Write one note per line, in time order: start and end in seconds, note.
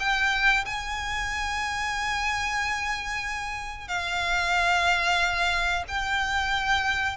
0.00 0.65 G5
0.66 3.88 G#5
3.88 5.84 F5
5.88 7.17 G5